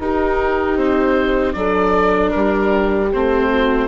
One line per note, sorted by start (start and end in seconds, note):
0.00 1.53 D#4
0.00 0.76 D#4
0.00 1.56 G4
0.00 0.77 A#4
0.76 1.54 C4
0.76 1.53 C5
1.53 2.32 F#3
1.53 3.09 D4
1.53 2.34 A4
1.53 2.30 D5
2.30 3.13 G3
2.30 3.51 G4
2.30 3.08 A#4
3.12 3.88 A3
3.12 3.88 C4
3.12 3.88 C5
3.51 3.88 F#4